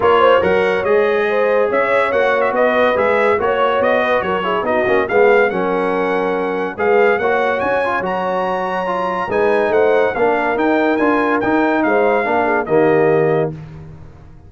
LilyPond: <<
  \new Staff \with { instrumentName = "trumpet" } { \time 4/4 \tempo 4 = 142 cis''4 fis''4 dis''2 | e''4 fis''8. e''16 dis''4 e''4 | cis''4 dis''4 cis''4 dis''4 | f''4 fis''2. |
f''4 fis''4 gis''4 ais''4~ | ais''2 gis''4 fis''4 | f''4 g''4 gis''4 g''4 | f''2 dis''2 | }
  \new Staff \with { instrumentName = "horn" } { \time 4/4 ais'8 c''8 cis''2 c''4 | cis''2 b'2 | cis''4. b'8 ais'8 gis'8 fis'4 | gis'4 ais'2. |
b'4 cis''2.~ | cis''2 b'4 c''4 | ais'1 | c''4 ais'8 gis'8 g'2 | }
  \new Staff \with { instrumentName = "trombone" } { \time 4/4 f'4 ais'4 gis'2~ | gis'4 fis'2 gis'4 | fis'2~ fis'8 e'8 dis'8 cis'8 | b4 cis'2. |
gis'4 fis'4. f'8 fis'4~ | fis'4 f'4 dis'2 | d'4 dis'4 f'4 dis'4~ | dis'4 d'4 ais2 | }
  \new Staff \with { instrumentName = "tuba" } { \time 4/4 ais4 fis4 gis2 | cis'4 ais4 b4 gis4 | ais4 b4 fis4 b8 ais8 | gis4 fis2. |
gis4 ais4 cis'4 fis4~ | fis2 gis4 a4 | ais4 dis'4 d'4 dis'4 | gis4 ais4 dis2 | }
>>